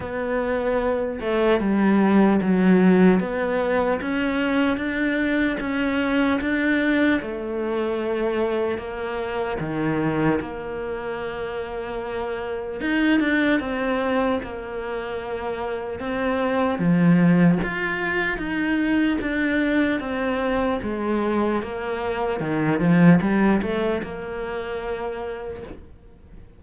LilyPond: \new Staff \with { instrumentName = "cello" } { \time 4/4 \tempo 4 = 75 b4. a8 g4 fis4 | b4 cis'4 d'4 cis'4 | d'4 a2 ais4 | dis4 ais2. |
dis'8 d'8 c'4 ais2 | c'4 f4 f'4 dis'4 | d'4 c'4 gis4 ais4 | dis8 f8 g8 a8 ais2 | }